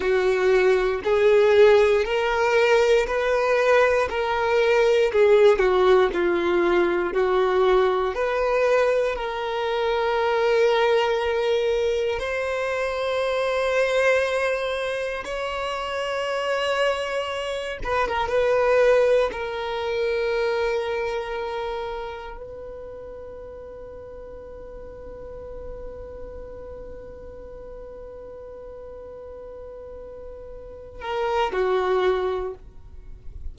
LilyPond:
\new Staff \with { instrumentName = "violin" } { \time 4/4 \tempo 4 = 59 fis'4 gis'4 ais'4 b'4 | ais'4 gis'8 fis'8 f'4 fis'4 | b'4 ais'2. | c''2. cis''4~ |
cis''4. b'16 ais'16 b'4 ais'4~ | ais'2 b'2~ | b'1~ | b'2~ b'8 ais'8 fis'4 | }